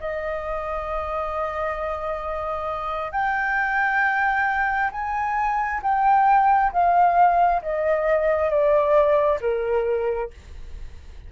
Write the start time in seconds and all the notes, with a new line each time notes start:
0.00 D#5
3.11 G5
4.91 G#5
5.82 G5
6.72 F5
7.62 D#5
8.50 D5
9.41 A#4